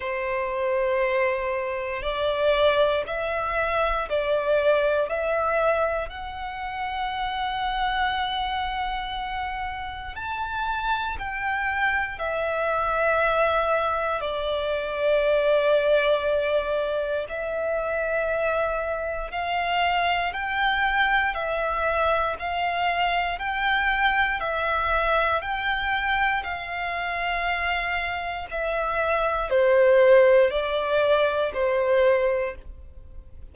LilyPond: \new Staff \with { instrumentName = "violin" } { \time 4/4 \tempo 4 = 59 c''2 d''4 e''4 | d''4 e''4 fis''2~ | fis''2 a''4 g''4 | e''2 d''2~ |
d''4 e''2 f''4 | g''4 e''4 f''4 g''4 | e''4 g''4 f''2 | e''4 c''4 d''4 c''4 | }